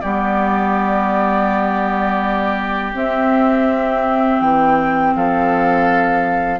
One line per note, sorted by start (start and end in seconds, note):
0.00 2.93 G3
0.00 2.92 B3
0.00 5.13 G4
0.00 2.93 D5
2.92 6.58 C4
2.92 4.40 C4
2.92 4.40 E5
4.40 5.13 E3
4.40 5.14 G5
5.15 6.59 F3
5.15 6.59 A4
5.15 6.59 F5